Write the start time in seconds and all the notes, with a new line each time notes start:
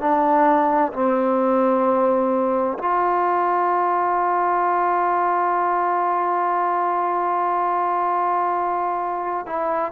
0.00 D4
0.93 C4
2.79 F4
9.46 E4